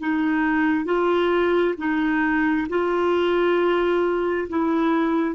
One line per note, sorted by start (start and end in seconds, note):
0.00 0.85 D#4
0.85 1.75 F4
1.78 2.68 D#4
2.69 4.49 F4
4.49 5.36 E4